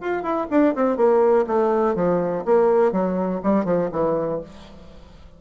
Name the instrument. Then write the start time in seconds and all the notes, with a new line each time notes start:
bassoon
0.00 F4
0.22 E4
0.50 D4
0.75 C4
0.96 A#3
1.47 A3
1.95 F3
2.45 A#3
2.92 F#3
3.43 G3
3.65 F3
3.92 E3